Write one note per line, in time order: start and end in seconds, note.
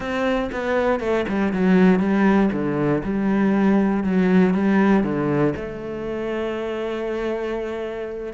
0.00 0.50 C4
0.52 1.00 B3
1.00 1.25 A3
1.28 1.52 G3
1.52 1.99 F#3
1.99 2.50 G3
2.52 3.02 D3
3.03 4.03 G3
4.03 4.54 F#3
4.54 5.03 G3
5.03 5.53 D3
5.56 8.33 A3